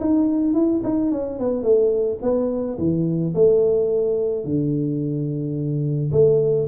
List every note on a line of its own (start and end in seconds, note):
0.00 0.54 D#4
0.54 0.81 E4
0.84 1.11 D#4
1.11 1.39 C#4
1.39 1.62 B3
1.62 2.18 A3
2.22 2.77 B3
2.78 3.33 E3
3.34 4.44 A3
4.44 6.11 D3
6.12 6.67 A3